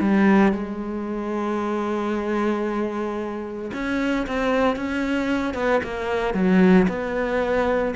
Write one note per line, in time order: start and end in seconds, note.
0.00 0.52 G3
0.52 3.71 G#3
3.73 4.26 C#4
4.26 4.76 C4
4.76 5.54 C#4
5.54 5.80 B3
5.83 6.34 A#3
6.34 6.87 F#3
6.88 7.94 B3